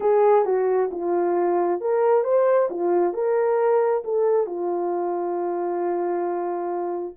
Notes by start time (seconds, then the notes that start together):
0.00 G#4
0.45 F#4
0.91 F4
1.80 A#4
2.24 C5
2.69 F4
3.13 A#4
4.04 A4
4.46 F4